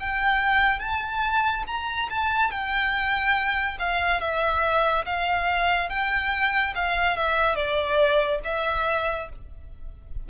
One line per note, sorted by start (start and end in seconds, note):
0.00 0.80 G5
0.80 1.64 A5
1.67 2.10 A#5
2.10 2.52 A5
2.52 3.78 G5
3.80 4.21 F5
4.21 5.06 E5
5.06 5.90 F5
5.90 6.75 G5
6.75 7.17 F5
7.17 7.56 E5
7.56 8.40 D5
8.45 9.29 E5